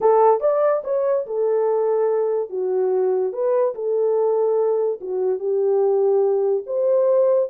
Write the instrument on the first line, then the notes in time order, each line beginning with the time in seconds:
horn
0.00 A4
0.40 D5
0.84 C#5
1.26 A4
2.49 F#4
3.32 B4
3.74 A4
5.00 F#4
5.39 G4
6.66 C5